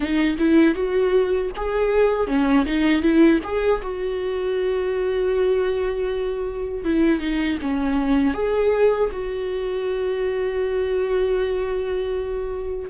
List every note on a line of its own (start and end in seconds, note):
0.00 0.36 D#4
0.38 0.74 E4
0.74 1.50 F#4
1.56 2.27 G#4
2.27 2.65 C#4
2.65 3.01 D#4
3.01 3.39 E4
3.43 3.81 G#4
3.81 6.84 F#4
6.84 7.20 E4
7.20 7.58 D#4
7.62 8.33 C#4
8.33 9.09 G#4
9.12 12.89 F#4